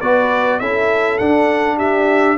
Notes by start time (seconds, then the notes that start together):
0.00 B3 F#4 B4 D5
0.59 C#4 E4 A4 E5
1.18 D4 F#5
1.77 G4 E5